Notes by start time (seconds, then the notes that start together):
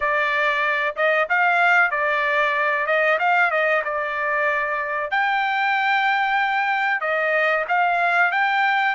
0.00 D5
0.96 D#5
1.29 F5
1.90 D5
2.86 D#5
3.19 F5
3.50 D#5
3.84 D5
5.10 G5
7.01 D#5
7.68 F5
8.31 G5